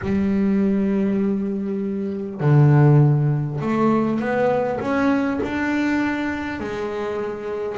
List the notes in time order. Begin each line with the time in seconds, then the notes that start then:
0.01 G3
2.40 D3
3.61 A3
4.19 B3
4.80 C#4
5.43 D4
6.60 G#3